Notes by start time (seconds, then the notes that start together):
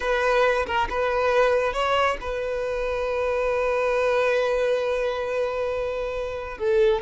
0.00 B4
0.66 A#4
0.89 B4
1.73 C#5
2.21 B4
6.58 A4